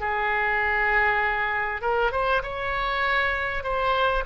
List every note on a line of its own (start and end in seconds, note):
0.00 1.81 G#4
1.81 2.11 A#4
2.11 2.42 C5
2.42 3.63 C#5
3.63 4.24 C5